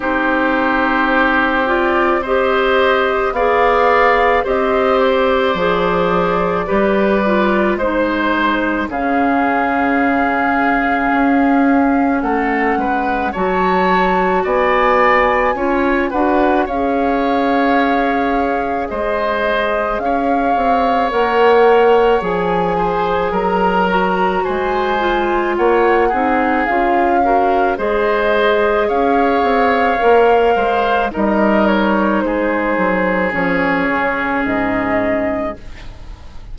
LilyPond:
<<
  \new Staff \with { instrumentName = "flute" } { \time 4/4 \tempo 4 = 54 c''4. d''8 dis''4 f''4 | dis''8 d''2~ d''8 c''4 | f''2. fis''4 | a''4 gis''4. fis''8 f''4~ |
f''4 dis''4 f''4 fis''4 | gis''4 ais''4 gis''4 fis''4 | f''4 dis''4 f''2 | dis''8 cis''8 c''4 cis''4 dis''4 | }
  \new Staff \with { instrumentName = "oboe" } { \time 4/4 g'2 c''4 d''4 | c''2 b'4 c''4 | gis'2. a'8 b'8 | cis''4 d''4 cis''8 b'8 cis''4~ |
cis''4 c''4 cis''2~ | cis''8 c''8 ais'4 c''4 cis''8 gis'8~ | gis'8 ais'8 c''4 cis''4. c''8 | ais'4 gis'2. | }
  \new Staff \with { instrumentName = "clarinet" } { \time 4/4 dis'4. f'8 g'4 gis'4 | g'4 gis'4 g'8 f'8 dis'4 | cis'1 | fis'2 f'8 fis'8 gis'4~ |
gis'2. ais'4 | gis'4. fis'4 f'4 dis'8 | f'8 fis'8 gis'2 ais'4 | dis'2 cis'2 | }
  \new Staff \with { instrumentName = "bassoon" } { \time 4/4 c'2. b4 | c'4 f4 g4 gis4 | cis2 cis'4 a8 gis8 | fis4 b4 cis'8 d'8 cis'4~ |
cis'4 gis4 cis'8 c'8 ais4 | f4 fis4 gis4 ais8 c'8 | cis'4 gis4 cis'8 c'8 ais8 gis8 | g4 gis8 fis8 f8 cis8 gis,4 | }
>>